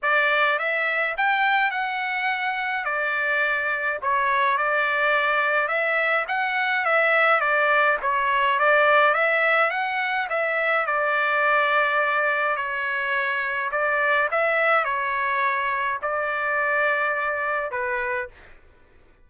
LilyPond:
\new Staff \with { instrumentName = "trumpet" } { \time 4/4 \tempo 4 = 105 d''4 e''4 g''4 fis''4~ | fis''4 d''2 cis''4 | d''2 e''4 fis''4 | e''4 d''4 cis''4 d''4 |
e''4 fis''4 e''4 d''4~ | d''2 cis''2 | d''4 e''4 cis''2 | d''2. b'4 | }